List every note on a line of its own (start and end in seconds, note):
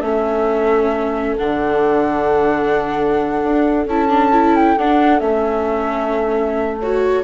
0.00 1.36 A3
0.00 1.38 C#4
0.00 7.23 A4
0.00 1.35 E5
1.37 3.42 D3
1.37 3.87 D4
1.37 3.86 F#5
3.42 3.86 D4
3.86 4.76 C#4
3.86 4.09 E4
3.86 4.55 A5
4.09 4.31 D4
4.32 4.77 E4
4.55 4.78 G5
4.77 5.21 D4
4.77 5.20 D4
4.77 5.19 F#5
5.19 7.23 A3
5.19 6.78 C#4
5.19 6.77 E5
6.79 7.23 F#4
6.79 7.23 C#5